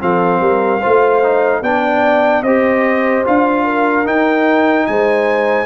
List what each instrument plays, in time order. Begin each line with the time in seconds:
0.00 tuba F3, trombone C4, horn A4, trumpet F5
0.40 tuba G3, horn A#4
0.80 tuba A3, trombone F4, horn C5
1.23 trombone D#4
1.62 tuba B3, trombone D4, horn D5, trumpet G5
2.42 tuba C4, trombone G4, horn C5, trumpet D#5
3.25 tuba D4, trombone F4, trumpet F5
3.64 horn A#4
4.05 trombone D#4, tuba D#4, trumpet G5
4.86 tuba G#3, horn C5, trumpet G#5